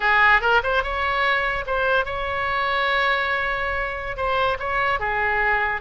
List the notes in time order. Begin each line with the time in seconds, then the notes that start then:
0.00 G#4
0.41 A#4
0.63 C5
0.83 C#5
1.66 C5
2.05 C#5
4.16 C5
4.59 C#5
4.99 G#4